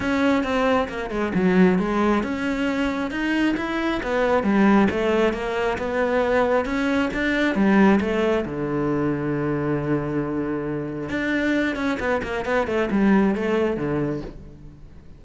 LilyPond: \new Staff \with { instrumentName = "cello" } { \time 4/4 \tempo 4 = 135 cis'4 c'4 ais8 gis8 fis4 | gis4 cis'2 dis'4 | e'4 b4 g4 a4 | ais4 b2 cis'4 |
d'4 g4 a4 d4~ | d1~ | d4 d'4. cis'8 b8 ais8 | b8 a8 g4 a4 d4 | }